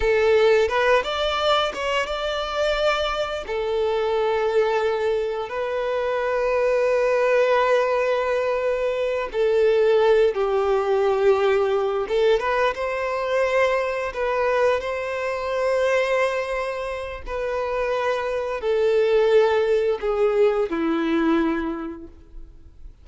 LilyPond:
\new Staff \with { instrumentName = "violin" } { \time 4/4 \tempo 4 = 87 a'4 b'8 d''4 cis''8 d''4~ | d''4 a'2. | b'1~ | b'4. a'4. g'4~ |
g'4. a'8 b'8 c''4.~ | c''8 b'4 c''2~ c''8~ | c''4 b'2 a'4~ | a'4 gis'4 e'2 | }